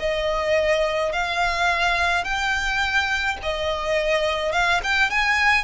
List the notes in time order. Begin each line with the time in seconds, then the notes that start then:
0.00 D#5
1.13 F5
2.25 G5
3.43 D#5
4.53 F5
4.84 G5
5.11 G#5